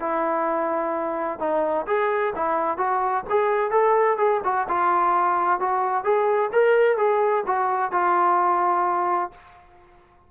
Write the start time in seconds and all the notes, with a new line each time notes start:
0.00 E4
1.40 D#4
1.88 G#4
2.36 E4
2.78 F#4
3.30 G#4
3.71 A4
4.18 G#4
4.45 F#4
4.69 F4
5.60 F#4
6.04 G#4
6.53 A#4
6.98 G#4
7.47 F#4
7.92 F4